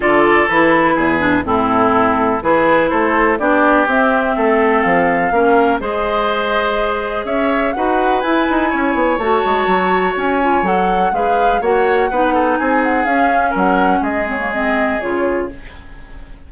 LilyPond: <<
  \new Staff \with { instrumentName = "flute" } { \time 4/4 \tempo 4 = 124 d''4 b'2 a'4~ | a'4 b'4 c''4 d''4 | e''2 f''2 | dis''2. e''4 |
fis''4 gis''2 a''4~ | a''4 gis''4 fis''4 f''4 | fis''2 gis''8 fis''8 f''4 | fis''4 dis''8 cis''8 dis''4 cis''4 | }
  \new Staff \with { instrumentName = "oboe" } { \time 4/4 a'2 gis'4 e'4~ | e'4 gis'4 a'4 g'4~ | g'4 a'2 ais'4 | c''2. cis''4 |
b'2 cis''2~ | cis''2. b'4 | cis''4 b'8 a'8 gis'2 | ais'4 gis'2. | }
  \new Staff \with { instrumentName = "clarinet" } { \time 4/4 f'4 e'4. d'8 c'4~ | c'4 e'2 d'4 | c'2. cis'4 | gis'1 |
fis'4 e'2 fis'4~ | fis'4. f'8 a'4 gis'4 | fis'4 dis'2 cis'4~ | cis'4. c'16 ais16 c'4 f'4 | }
  \new Staff \with { instrumentName = "bassoon" } { \time 4/4 d4 e4 e,4 a,4~ | a,4 e4 a4 b4 | c'4 a4 f4 ais4 | gis2. cis'4 |
dis'4 e'8 dis'8 cis'8 b8 a8 gis8 | fis4 cis'4 fis4 gis4 | ais4 b4 c'4 cis'4 | fis4 gis2 cis4 | }
>>